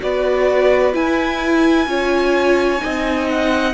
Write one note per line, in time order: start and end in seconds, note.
0.00 0.94 B3
0.00 0.93 F#4
0.00 1.89 B4
0.00 0.94 D5
0.93 1.87 E4
0.93 1.86 E4
0.93 3.28 G#5
1.86 2.80 C#4
1.86 2.79 F4
1.86 2.83 C#5
2.79 3.72 D#4
2.79 3.74 D#5
2.85 3.74 C4
3.28 3.74 F#5